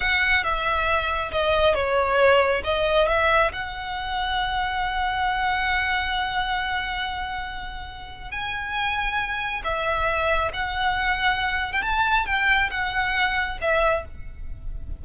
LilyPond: \new Staff \with { instrumentName = "violin" } { \time 4/4 \tempo 4 = 137 fis''4 e''2 dis''4 | cis''2 dis''4 e''4 | fis''1~ | fis''1~ |
fis''2. gis''4~ | gis''2 e''2 | fis''2~ fis''8. g''16 a''4 | g''4 fis''2 e''4 | }